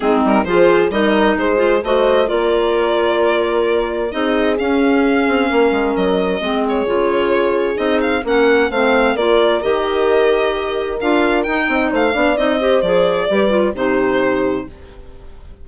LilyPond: <<
  \new Staff \with { instrumentName = "violin" } { \time 4/4 \tempo 4 = 131 gis'8 ais'8 c''4 dis''4 c''4 | dis''4 d''2.~ | d''4 dis''4 f''2~ | f''4 dis''4. cis''4.~ |
cis''4 dis''8 f''8 fis''4 f''4 | d''4 dis''2. | f''4 g''4 f''4 dis''4 | d''2 c''2 | }
  \new Staff \with { instrumentName = "horn" } { \time 4/4 dis'4 gis'4 ais'4 gis'4 | c''4 ais'2.~ | ais'4 gis'2. | ais'2 gis'2~ |
gis'2 ais'4 c''4 | ais'1~ | ais'4. dis''8 c''8 d''4 c''8~ | c''4 b'4 g'2 | }
  \new Staff \with { instrumentName = "clarinet" } { \time 4/4 c'4 f'4 dis'4. f'8 | fis'4 f'2.~ | f'4 dis'4 cis'2~ | cis'2 c'4 f'4~ |
f'4 dis'4 cis'4 c'4 | f'4 g'2. | f'4 dis'4. d'8 dis'8 g'8 | gis'4 g'8 f'8 dis'2 | }
  \new Staff \with { instrumentName = "bassoon" } { \time 4/4 gis8 g8 f4 g4 gis4 | a4 ais2.~ | ais4 c'4 cis'4. c'8 | ais8 gis8 fis4 gis4 cis4~ |
cis4 c'4 ais4 a4 | ais4 dis2. | d'4 dis'8 c'8 a8 b8 c'4 | f4 g4 c2 | }
>>